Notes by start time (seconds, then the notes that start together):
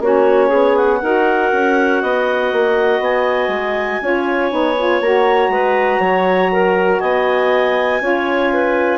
0.00 A#3 C#4 F#4 C#5
0.48 B3 G#4
0.77 F#5
1.02 D#4 F#4 A#4
1.52 C#4
2.02 B3 D#5
2.52 A#3
3.00 B3 G#5
3.48 G#3
4.02 C#4 F4 C#5
4.51 B3 D#4
4.78 F4
5.01 A#3 F#4 A#5
5.49 G#3 B4
6.00 F#3 C#5
6.52 A#4
7.00 B3 D#5 G#5
8.00 C#4 F4 C#5
8.53 B4